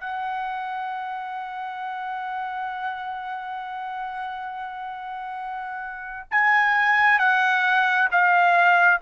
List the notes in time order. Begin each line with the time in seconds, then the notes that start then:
0.00 F#5
6.31 G#5
7.18 F#5
8.11 F5